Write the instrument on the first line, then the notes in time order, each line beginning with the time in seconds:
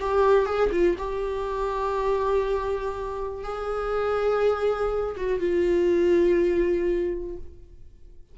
viola
0.00 G4
0.46 G#4
0.72 F4
0.99 G4
3.44 G#4
5.17 F#4
5.40 F4